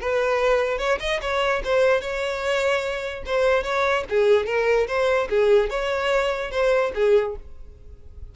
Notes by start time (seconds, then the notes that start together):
0.00 B4
0.78 C#5
1.00 D#5
1.22 C#5
1.64 C5
2.01 C#5
3.26 C5
3.64 C#5
4.09 G#4
4.46 A#4
4.88 C5
5.29 G#4
5.70 C#5
6.51 C5
6.95 G#4